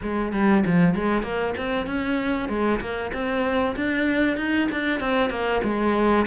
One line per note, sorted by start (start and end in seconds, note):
0.02 0.32 G#3
0.32 0.63 G3
0.66 0.95 F3
0.95 1.22 G#3
1.22 1.53 A#3
1.57 1.86 C4
1.86 2.48 C#4
2.48 2.80 G#3
2.80 3.11 A#3
3.13 3.75 C4
3.76 4.37 D4
4.37 4.68 D#4
4.71 5.00 D4
5.00 5.30 C4
5.30 5.61 A#3
5.63 6.26 G#3